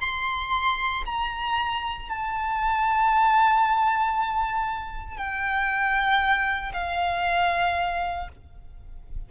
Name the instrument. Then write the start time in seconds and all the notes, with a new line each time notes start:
violin
0.00 C6
1.05 A#5
2.09 A5
5.17 G5
6.73 F5